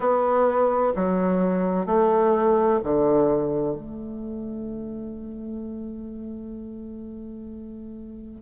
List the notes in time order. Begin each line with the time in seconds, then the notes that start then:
0.00 B3
0.95 F#3
1.86 A3
2.83 D3
3.75 A3